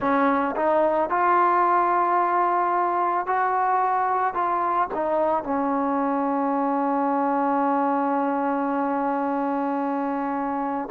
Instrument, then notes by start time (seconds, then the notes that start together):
trombone
0.00 C#4
0.56 D#4
1.09 F4
3.26 F#4
4.33 F4
4.93 D#4
5.43 C#4